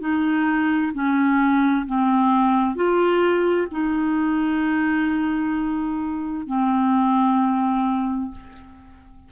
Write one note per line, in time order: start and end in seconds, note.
0.00 0.92 D#4
0.93 1.85 C#4
1.86 2.75 C4
2.75 3.68 F4
3.71 6.47 D#4
6.47 8.31 C4